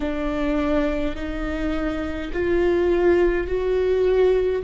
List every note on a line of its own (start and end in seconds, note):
0.00 1.15 D4
1.15 2.31 D#4
2.32 3.47 F4
3.47 4.62 F#4